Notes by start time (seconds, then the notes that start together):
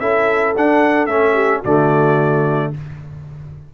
0.00 C#4 E4 A4 E5
0.56 D4 F#5
1.07 A3 C#4 E5
1.34 G4
1.61 D3 A3 F#4 D5